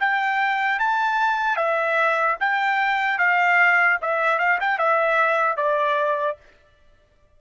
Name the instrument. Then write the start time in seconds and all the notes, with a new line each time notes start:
trumpet
0.00 G5
0.79 A5
1.56 E5
2.40 G5
3.19 F5
4.01 E5
4.39 F5
4.60 G5
4.79 E5
5.57 D5